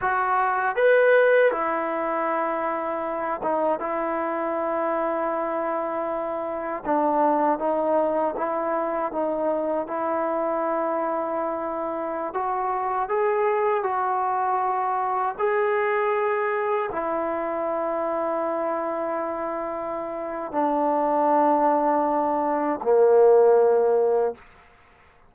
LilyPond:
\new Staff \with { instrumentName = "trombone" } { \time 4/4 \tempo 4 = 79 fis'4 b'4 e'2~ | e'8 dis'8 e'2.~ | e'4 d'4 dis'4 e'4 | dis'4 e'2.~ |
e'16 fis'4 gis'4 fis'4.~ fis'16~ | fis'16 gis'2 e'4.~ e'16~ | e'2. d'4~ | d'2 ais2 | }